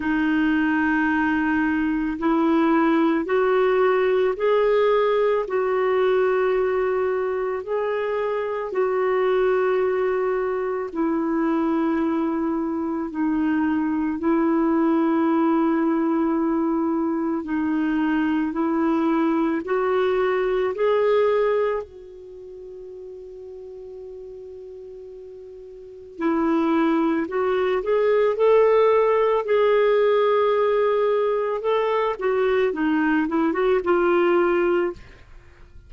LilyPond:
\new Staff \with { instrumentName = "clarinet" } { \time 4/4 \tempo 4 = 55 dis'2 e'4 fis'4 | gis'4 fis'2 gis'4 | fis'2 e'2 | dis'4 e'2. |
dis'4 e'4 fis'4 gis'4 | fis'1 | e'4 fis'8 gis'8 a'4 gis'4~ | gis'4 a'8 fis'8 dis'8 e'16 fis'16 f'4 | }